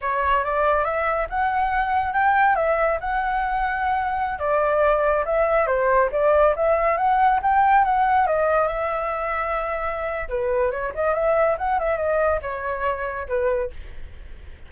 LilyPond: \new Staff \with { instrumentName = "flute" } { \time 4/4 \tempo 4 = 140 cis''4 d''4 e''4 fis''4~ | fis''4 g''4 e''4 fis''4~ | fis''2~ fis''16 d''4.~ d''16~ | d''16 e''4 c''4 d''4 e''8.~ |
e''16 fis''4 g''4 fis''4 dis''8.~ | dis''16 e''2.~ e''8. | b'4 cis''8 dis''8 e''4 fis''8 e''8 | dis''4 cis''2 b'4 | }